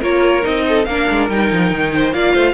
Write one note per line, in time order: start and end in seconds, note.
0.00 0.44 A#3
0.00 0.42 F4
0.00 0.63 A#4
0.00 0.45 C#5
0.42 0.87 C4
0.42 0.84 D#4
0.42 0.85 D#5
0.68 0.87 A4
0.85 1.08 A#3
0.85 1.30 D4
0.85 1.92 A#4
0.85 1.27 F5
1.11 1.30 G#3
1.30 1.51 G3
1.30 2.13 D#4
1.30 2.13 G5
1.52 1.71 F3
1.71 2.13 D#3
1.95 2.15 C5
2.13 2.34 A#3
2.13 2.54 F4
2.13 2.33 D5
2.13 2.54 F5
2.33 2.54 A3
2.33 2.54 C5